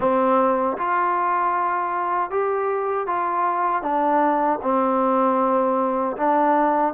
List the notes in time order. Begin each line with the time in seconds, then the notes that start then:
0.00 C4
0.77 F4
2.30 G4
3.06 F4
3.82 D4
4.62 C4
6.16 D4